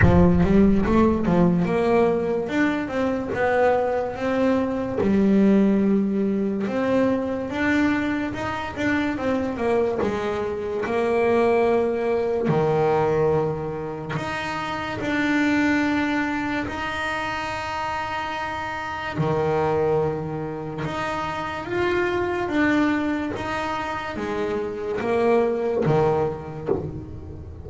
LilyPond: \new Staff \with { instrumentName = "double bass" } { \time 4/4 \tempo 4 = 72 f8 g8 a8 f8 ais4 d'8 c'8 | b4 c'4 g2 | c'4 d'4 dis'8 d'8 c'8 ais8 | gis4 ais2 dis4~ |
dis4 dis'4 d'2 | dis'2. dis4~ | dis4 dis'4 f'4 d'4 | dis'4 gis4 ais4 dis4 | }